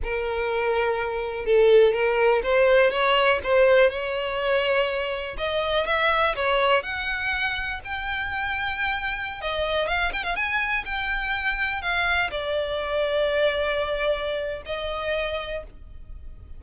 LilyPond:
\new Staff \with { instrumentName = "violin" } { \time 4/4 \tempo 4 = 123 ais'2. a'4 | ais'4 c''4 cis''4 c''4 | cis''2. dis''4 | e''4 cis''4 fis''2 |
g''2.~ g''16 dis''8.~ | dis''16 f''8 g''16 f''16 gis''4 g''4.~ g''16~ | g''16 f''4 d''2~ d''8.~ | d''2 dis''2 | }